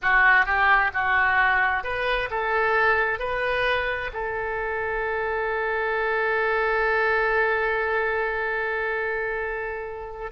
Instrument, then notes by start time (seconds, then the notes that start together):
oboe
0.02 F#4
0.45 G4
0.93 F#4
1.83 B4
2.30 A4
3.19 B4
4.13 A4